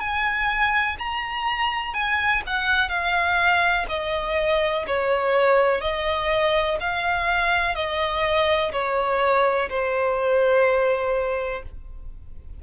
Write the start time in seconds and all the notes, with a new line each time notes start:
0.00 G#5
0.98 A#5
1.94 G#5
2.46 F#5
2.89 F5
3.88 D#5
4.87 C#5
5.81 D#5
6.80 F5
7.75 D#5
8.71 C#5
9.69 C5